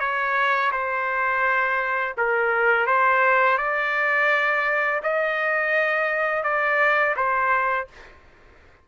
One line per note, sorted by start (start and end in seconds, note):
0.00 0.71 C#5
0.72 2.15 C5
2.18 2.87 A#4
2.87 3.58 C5
3.58 5.01 D5
5.04 6.44 D#5
6.44 7.16 D5
7.17 7.88 C5